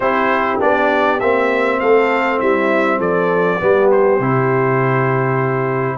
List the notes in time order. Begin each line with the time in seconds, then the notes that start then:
0.00 C4 E4 G4 C5
0.59 B3 D4 D5
1.20 A#3 C4 E5
1.79 A3 A4 F5
2.38 G3 E4 E5
2.98 F3 A4 D5
3.60 G3 B3 G4
3.91 C5
4.19 C3 E4